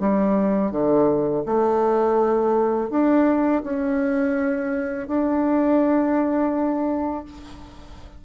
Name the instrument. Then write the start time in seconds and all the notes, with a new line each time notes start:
bassoon
0.00 G3
0.71 D3
1.46 A3
2.90 D4
3.63 C#4
5.08 D4